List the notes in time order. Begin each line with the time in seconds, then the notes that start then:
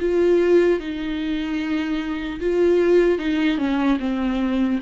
0.00 F4
0.80 D#4
2.40 F4
3.19 D#4
3.58 C#4
4.00 C4